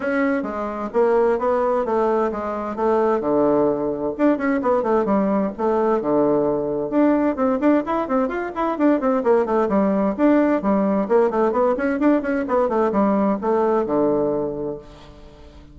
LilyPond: \new Staff \with { instrumentName = "bassoon" } { \time 4/4 \tempo 4 = 130 cis'4 gis4 ais4 b4 | a4 gis4 a4 d4~ | d4 d'8 cis'8 b8 a8 g4 | a4 d2 d'4 |
c'8 d'8 e'8 c'8 f'8 e'8 d'8 c'8 | ais8 a8 g4 d'4 g4 | ais8 a8 b8 cis'8 d'8 cis'8 b8 a8 | g4 a4 d2 | }